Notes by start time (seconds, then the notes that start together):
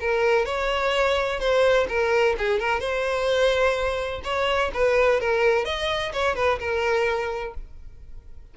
0.00 A#4
0.45 C#5
1.40 C5
1.88 A#4
2.38 G#4
2.59 A#4
2.80 C5
4.24 C#5
4.74 B4
5.20 A#4
5.65 D#5
6.13 C#5
6.35 B4
6.59 A#4